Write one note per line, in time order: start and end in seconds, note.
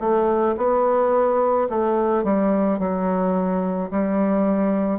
0.00 0.56 A3
0.58 1.69 B3
1.69 2.24 A3
2.24 2.79 G3
2.79 3.90 F#3
3.91 4.99 G3